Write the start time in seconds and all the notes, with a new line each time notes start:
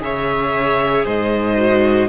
0.00 C#3 G#4 C#5 E5
1.05 G#2 C5 D#5
1.57 F#4